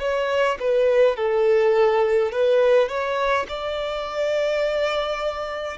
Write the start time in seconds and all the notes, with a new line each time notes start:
0.00 C#5
0.60 B4
1.16 A4
2.32 B4
2.89 C#5
3.49 D5